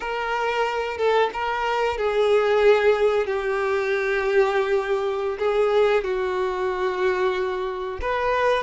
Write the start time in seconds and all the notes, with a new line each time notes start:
0.00 A#4
0.97 A4
1.33 A#4
1.97 G#4
3.26 G4
5.38 G#4
6.04 F#4
8.01 B4